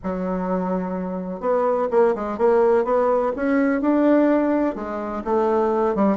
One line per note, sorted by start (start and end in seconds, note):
0.03 1.40 F#3
1.40 1.88 B3
1.90 2.14 A#3
2.15 2.37 G#3
2.37 2.84 A#3
2.84 3.32 B3
3.35 3.81 C#4
3.81 4.75 D4
4.75 5.23 G#3
5.24 5.95 A3
5.95 6.17 G3